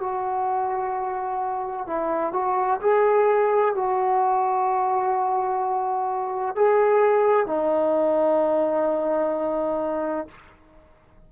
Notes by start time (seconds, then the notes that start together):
0.00 F#4
1.87 E4
2.33 F#4
2.81 G#4
3.75 F#4
6.55 G#4
7.47 D#4